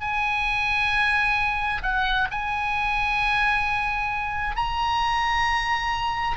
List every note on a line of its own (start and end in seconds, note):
0.00 1.82 G#5
1.83 2.28 F#5
2.31 4.56 G#5
4.56 6.37 A#5